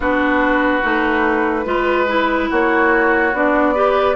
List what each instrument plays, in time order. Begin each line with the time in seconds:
0.00 bassoon B3, clarinet D4, oboe F#4, flute B4
0.82 bassoon A3, clarinet D#4
1.65 bassoon G#3, clarinet F4, oboe B4
2.07 clarinet E4
2.49 bassoon A#3, oboe F#4, flute C#5
3.33 bassoon B3, clarinet D4, flute D5
3.74 clarinet G4, oboe B4